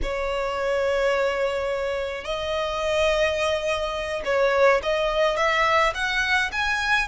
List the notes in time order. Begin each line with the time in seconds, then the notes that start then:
0.02 C#5
2.24 D#5
4.24 C#5
4.82 D#5
5.36 E5
5.94 F#5
6.52 G#5